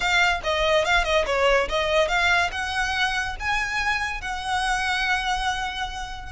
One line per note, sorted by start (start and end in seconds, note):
0.00 0.40 F5
0.43 0.85 D#5
0.85 1.04 F5
1.04 1.25 D#5
1.26 1.68 C#5
1.68 2.08 D#5
2.08 2.50 F5
2.51 3.36 F#5
3.39 4.21 G#5
4.21 6.32 F#5